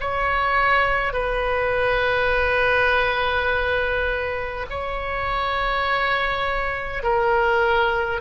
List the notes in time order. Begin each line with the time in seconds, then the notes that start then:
0.00 C#5
1.13 B4
4.70 C#5
7.03 A#4